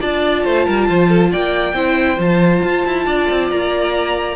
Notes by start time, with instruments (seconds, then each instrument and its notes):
0.00 cello D4, viola F4, violin D5 A5
0.44 cello A3, violin C5
0.66 cello G3, violin A#4
0.89 cello F3, violin C5
1.09 violin A4
1.32 cello A#3, violin D5 G5
1.74 cello C4, viola E4, violin C5
2.18 cello F3, viola F4, violin A5
2.63 cello F4
2.86 cello E4
3.06 cello D4, violin D5
3.31 cello C4
3.51 cello A#3, violin A#5